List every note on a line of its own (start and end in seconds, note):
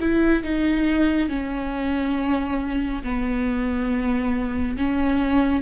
0.00 0.43 E4
0.43 1.28 D#4
1.28 3.02 C#4
3.03 4.77 B3
4.77 5.62 C#4